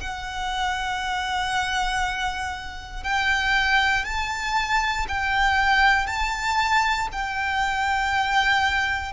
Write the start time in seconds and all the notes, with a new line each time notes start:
0.00 F#5
3.03 G5
4.04 A5
5.08 G5
6.06 A5
7.12 G5